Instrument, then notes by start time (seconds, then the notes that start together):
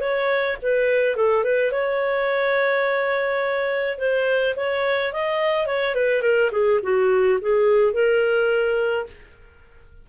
clarinet
0.00 C#5
0.62 B4
1.16 A4
1.44 B4
1.71 C#5
3.98 C5
4.56 C#5
5.13 D#5
5.66 C#5
5.95 B4
6.22 A#4
6.51 G#4
6.82 F#4
7.41 G#4
7.93 A#4